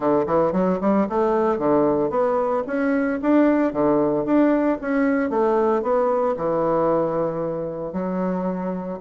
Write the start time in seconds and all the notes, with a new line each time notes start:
0.00 D3
0.26 E3
0.52 F#3
0.80 G3
1.09 A3
1.58 D3
2.10 B3
2.66 C#4
3.21 D4
3.72 D3
4.25 D4
4.81 C#4
5.30 A3
5.82 B3
6.36 E3
7.92 F#3